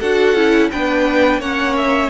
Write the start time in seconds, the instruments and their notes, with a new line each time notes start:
0.00 cello D4, viola F#4, violin A4 F#5
0.34 cello C#4, viola E4
0.71 cello B3, viola D4, violin B4 G5
1.39 cello A#3, viola C#4, violin C#5 F#5
1.77 violin E5